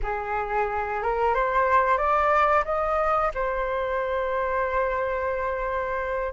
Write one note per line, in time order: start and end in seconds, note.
0.02 1.02 G#4
1.02 1.34 A#4
1.34 1.97 C5
1.97 2.64 D5
2.65 3.31 D#5
3.34 6.32 C5